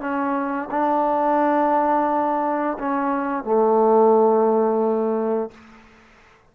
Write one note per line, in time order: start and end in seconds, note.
0.00 0.69 C#4
0.71 2.78 D4
2.79 3.45 C#4
3.45 5.51 A3